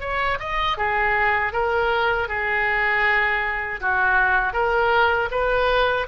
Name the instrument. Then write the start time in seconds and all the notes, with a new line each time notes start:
oboe
0.00 C#5
0.39 D#5
0.77 G#4
1.53 A#4
2.28 G#4
3.80 F#4
4.53 A#4
5.31 B4